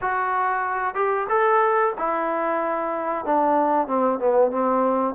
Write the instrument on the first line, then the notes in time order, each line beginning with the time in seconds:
trombone
0.01 F#4
0.94 G4
1.29 A4
1.97 E4
3.25 D4
3.87 C4
4.19 B3
4.51 C4